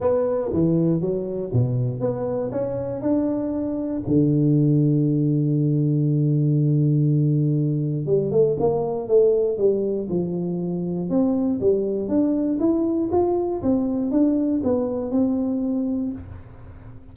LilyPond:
\new Staff \with { instrumentName = "tuba" } { \time 4/4 \tempo 4 = 119 b4 e4 fis4 b,4 | b4 cis'4 d'2 | d1~ | d1 |
g8 a8 ais4 a4 g4 | f2 c'4 g4 | d'4 e'4 f'4 c'4 | d'4 b4 c'2 | }